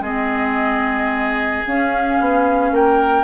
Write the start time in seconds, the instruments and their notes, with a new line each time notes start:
0.00 bassoon G#3, clarinet C4, oboe G#4, flute D#5
1.65 clarinet C#4, bassoon C#4, flute F5
2.20 bassoon B3
2.72 bassoon A#3, oboe A#4, flute G5